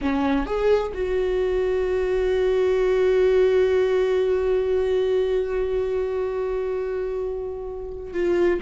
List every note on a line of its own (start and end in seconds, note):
0.01 0.45 C#4
0.45 0.92 G#4
0.94 8.13 F#4
8.13 8.59 F4